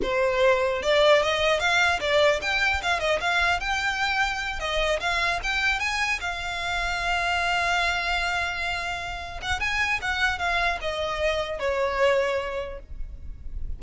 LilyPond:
\new Staff \with { instrumentName = "violin" } { \time 4/4 \tempo 4 = 150 c''2 d''4 dis''4 | f''4 d''4 g''4 f''8 dis''8 | f''4 g''2~ g''8 dis''8~ | dis''8 f''4 g''4 gis''4 f''8~ |
f''1~ | f''2.~ f''8 fis''8 | gis''4 fis''4 f''4 dis''4~ | dis''4 cis''2. | }